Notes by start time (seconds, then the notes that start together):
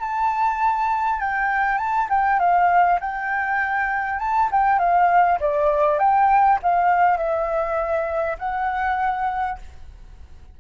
0.00 A5
1.20 G5
1.78 A5
2.09 G5
2.39 F5
3.01 G5
4.19 A5
4.51 G5
4.79 F5
5.40 D5
5.99 G5
6.62 F5
7.17 E5
8.39 F#5